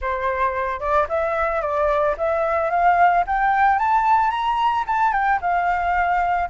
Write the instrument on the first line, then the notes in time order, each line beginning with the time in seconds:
flute
0.01 C5
0.80 D5
1.08 E5
1.61 D5
2.17 E5
2.70 F5
3.27 G5
3.78 A5
4.30 A#5
4.86 A5
5.12 G5
5.41 F5